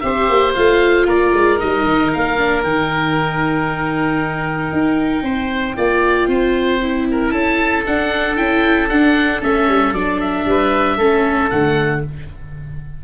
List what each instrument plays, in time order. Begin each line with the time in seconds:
0.00 tuba C4, viola G4, oboe C5 E5
0.29 tuba A#3
0.54 tuba A3, viola F4, oboe F5
1.05 tuba A#3, oboe A#4 D5
1.33 tuba G#3
1.58 tuba G3, viola D#4, oboe D#5
1.83 tuba D#3
2.13 tuba A#3, oboe F5
2.37 viola D4
2.63 tuba D#3, viola D#4, oboe G5
4.72 tuba D#4
5.22 tuba C4, oboe C5
5.76 tuba A#3, viola F4, oboe D5
6.27 tuba C4, oboe C5
6.81 viola E4
7.11 oboe A#4
7.30 tuba C#4, oboe A4 A5
7.85 viola D4, tuba D4, oboe F#5
8.36 tuba C#4, viola E4, oboe G5
8.88 tuba D4, viola D4, oboe F#5
9.42 tuba A3, viola C#4, oboe E5
9.68 tuba G3
9.92 tuba F#3, viola D4, oboe D5
10.20 oboe E5
10.45 tuba G3, oboe B4
10.97 tuba A3, viola C#4, oboe A4
11.49 tuba D3, viola A3, oboe F#5